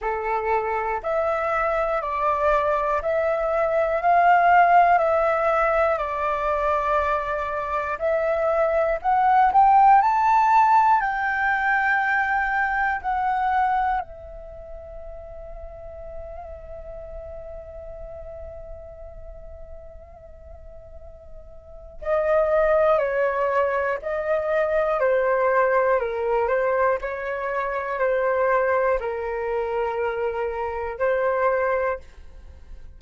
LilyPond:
\new Staff \with { instrumentName = "flute" } { \time 4/4 \tempo 4 = 60 a'4 e''4 d''4 e''4 | f''4 e''4 d''2 | e''4 fis''8 g''8 a''4 g''4~ | g''4 fis''4 e''2~ |
e''1~ | e''2 dis''4 cis''4 | dis''4 c''4 ais'8 c''8 cis''4 | c''4 ais'2 c''4 | }